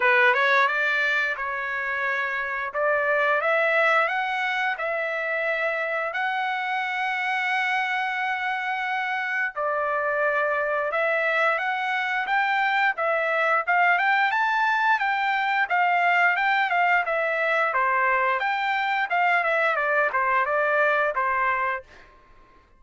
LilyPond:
\new Staff \with { instrumentName = "trumpet" } { \time 4/4 \tempo 4 = 88 b'8 cis''8 d''4 cis''2 | d''4 e''4 fis''4 e''4~ | e''4 fis''2.~ | fis''2 d''2 |
e''4 fis''4 g''4 e''4 | f''8 g''8 a''4 g''4 f''4 | g''8 f''8 e''4 c''4 g''4 | f''8 e''8 d''8 c''8 d''4 c''4 | }